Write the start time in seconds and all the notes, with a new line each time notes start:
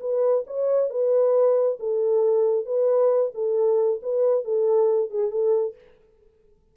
0.00 B4
0.47 C#5
0.90 B4
1.79 A4
2.65 B4
3.34 A4
4.02 B4
4.44 A4
5.10 G#4
5.30 A4